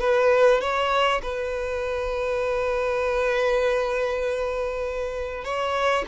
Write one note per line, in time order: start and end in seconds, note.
0.00 0.61 B4
0.61 1.21 C#5
1.23 5.44 B4
5.44 6.05 C#5